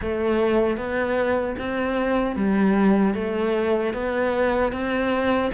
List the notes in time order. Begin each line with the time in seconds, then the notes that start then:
0.01 A3
0.77 B3
1.58 C4
2.36 G3
3.14 A3
3.93 B3
4.72 C4